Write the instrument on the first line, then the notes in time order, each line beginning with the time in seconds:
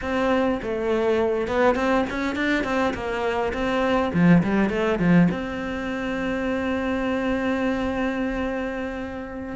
cello
0.01 C4
0.62 A3
1.47 B3
1.75 C4
2.10 C#4
2.35 D4
2.64 C4
2.94 A#3
3.53 C4
4.13 F3
4.43 G3
4.69 A3
4.99 F3
5.31 C4